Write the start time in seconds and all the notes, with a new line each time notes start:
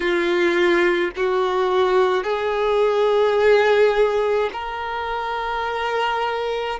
0.00 F4
1.16 F#4
2.23 G#4
4.53 A#4